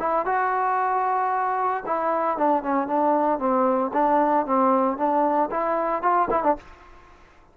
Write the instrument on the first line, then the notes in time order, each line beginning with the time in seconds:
trombone
0.00 E4
0.26 F#4
1.86 E4
2.38 D4
2.63 C#4
2.87 D4
3.39 C4
3.94 D4
4.46 C4
4.97 D4
5.51 E4
6.03 F4
6.31 E4
6.44 D4